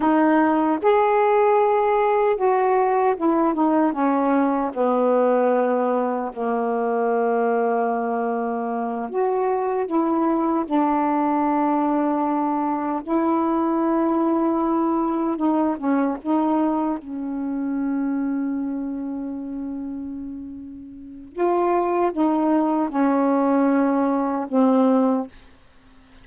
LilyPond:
\new Staff \with { instrumentName = "saxophone" } { \time 4/4 \tempo 4 = 76 dis'4 gis'2 fis'4 | e'8 dis'8 cis'4 b2 | ais2.~ ais8 fis'8~ | fis'8 e'4 d'2~ d'8~ |
d'8 e'2. dis'8 | cis'8 dis'4 cis'2~ cis'8~ | cis'2. f'4 | dis'4 cis'2 c'4 | }